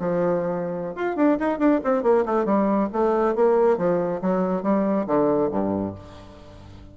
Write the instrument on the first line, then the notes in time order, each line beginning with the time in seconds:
bassoon
0.00 F3
0.96 F4
1.17 D4
1.40 D#4
1.59 D4
1.85 C4
2.04 A#3
2.26 A3
2.46 G3
2.93 A3
3.36 A#3
3.78 F3
4.22 F#3
4.63 G3
5.07 D3
5.52 G2